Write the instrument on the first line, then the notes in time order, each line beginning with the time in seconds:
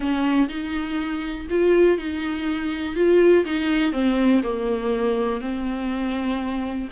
viola
0.00 C#4
0.48 D#4
1.50 F4
1.98 D#4
2.95 F4
3.45 D#4
3.92 C4
4.43 A#3
5.41 C4